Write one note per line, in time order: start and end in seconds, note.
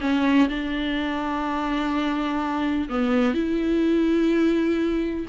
0.00 0.48 C#4
0.49 2.89 D4
2.89 3.34 B3
3.34 5.26 E4